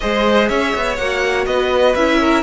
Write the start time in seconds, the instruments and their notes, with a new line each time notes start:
0.00 cello G#3, viola G#4, violin C5 D#5
0.48 cello C#4, violin C#5 E5
0.75 cello B3
0.96 cello A#3, viola F#4, violin F#5
1.46 cello B3, violin B4 D#5
1.94 cello C#4, viola E4, violin E5
2.20 violin A#4